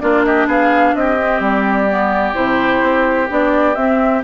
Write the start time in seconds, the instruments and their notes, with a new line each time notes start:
0.00 bassoon A#3, clarinet D4, oboe F4, flute D5
0.24 oboe G4, flute D#5
0.47 bassoon B3, oboe G#4, flute F5
0.95 bassoon C4, oboe G4, flute D#5
1.21 clarinet C4
1.40 bassoon G3, flute D5
1.89 clarinet B3
2.34 bassoon C3, clarinet E4, flute C5
2.83 bassoon C4
3.28 bassoon B3, clarinet D4, flute D5
3.75 bassoon C4, clarinet C4, flute E5